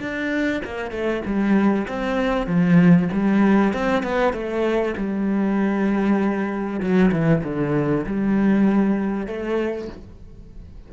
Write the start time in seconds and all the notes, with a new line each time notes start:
0.00 D4
0.65 A#3
0.91 A3
1.26 G3
1.88 C4
2.47 F3
3.13 G3
3.74 C4
4.03 B3
4.33 A3
4.97 G3
6.80 F#3
7.12 E3
7.44 D3
8.06 G3
9.27 A3